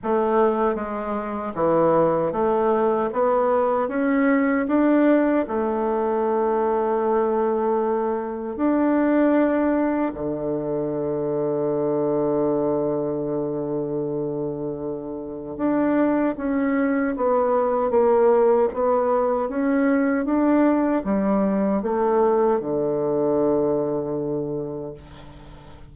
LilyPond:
\new Staff \with { instrumentName = "bassoon" } { \time 4/4 \tempo 4 = 77 a4 gis4 e4 a4 | b4 cis'4 d'4 a4~ | a2. d'4~ | d'4 d2.~ |
d1 | d'4 cis'4 b4 ais4 | b4 cis'4 d'4 g4 | a4 d2. | }